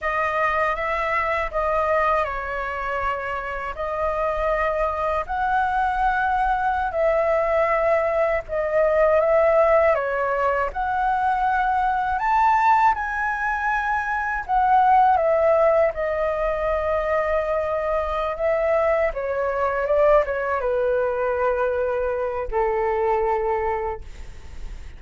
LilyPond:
\new Staff \with { instrumentName = "flute" } { \time 4/4 \tempo 4 = 80 dis''4 e''4 dis''4 cis''4~ | cis''4 dis''2 fis''4~ | fis''4~ fis''16 e''2 dis''8.~ | dis''16 e''4 cis''4 fis''4.~ fis''16~ |
fis''16 a''4 gis''2 fis''8.~ | fis''16 e''4 dis''2~ dis''8.~ | dis''8 e''4 cis''4 d''8 cis''8 b'8~ | b'2 a'2 | }